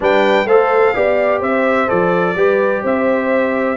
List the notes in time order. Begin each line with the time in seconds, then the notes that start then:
0.00 G3 D4 B4 G5
0.45 A3 A4 C5 F5
0.94 B3 G4 D5
1.40 C4 C5 E5
1.87 F3 A4 D5
2.35 G3 G4 B4
2.82 C4 C5 E5